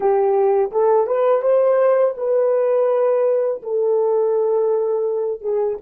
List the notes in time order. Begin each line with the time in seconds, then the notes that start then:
0.00 G4
0.71 A4
1.06 B4
1.42 C5
2.17 B4
3.62 A4
5.41 G#4